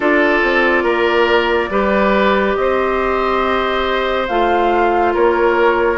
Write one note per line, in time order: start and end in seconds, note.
0.00 0.41 D4
0.00 1.70 F4
0.00 0.83 A4
0.00 2.55 D5
0.42 0.83 C4
0.83 1.68 A#3
0.83 1.69 A#4
1.69 2.55 G3
1.69 4.27 G4
1.69 2.56 B4
2.55 4.28 C4
2.55 4.26 D#5
2.61 5.13 C5
4.27 5.14 A3
4.27 5.98 F4
4.27 5.13 F5
5.13 5.98 A#3
5.13 5.98 A#4
5.13 5.98 C#5